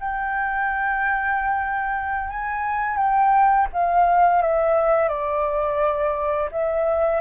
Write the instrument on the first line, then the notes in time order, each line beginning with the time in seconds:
flute
0.00 G5
2.30 G#5
2.97 G5
3.73 F5
4.42 E5
5.09 D5
6.51 E5